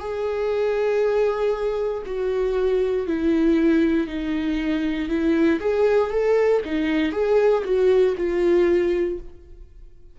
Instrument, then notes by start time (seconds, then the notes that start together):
viola
0.00 G#4
2.06 F#4
3.07 E4
4.08 D#4
5.09 E4
5.60 G#4
6.12 A4
6.65 D#4
7.13 G#4
7.65 F#4
8.18 F4